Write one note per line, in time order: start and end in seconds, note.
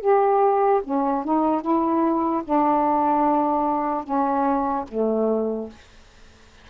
0.00 0.81 G4
0.83 1.24 C#4
1.24 1.61 D#4
1.61 2.42 E4
2.44 4.03 D4
4.03 4.84 C#4
4.88 5.69 A3